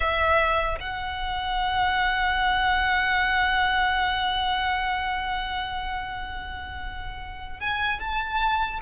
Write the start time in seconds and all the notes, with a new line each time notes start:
0.00 E5
0.79 F#5
7.60 G#5
7.99 A5